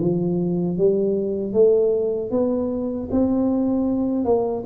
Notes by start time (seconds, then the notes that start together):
0.00 F3
0.78 G3
1.53 A3
2.31 B3
3.11 C4
4.25 A#3